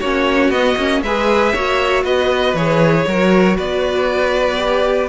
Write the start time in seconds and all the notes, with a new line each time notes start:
0.00 A#3 C#4 F#4 C#5
0.49 B3 D#5
0.77 A#3 C#4
1.02 G#3 G#4 B4 E5
1.53 A#3 F#4 C#5
2.03 B3 B4 D#5
2.54 E3 G#4 C#5
3.07 F#3 F#4 A#4
3.56 B3 B4 D5
4.57 G4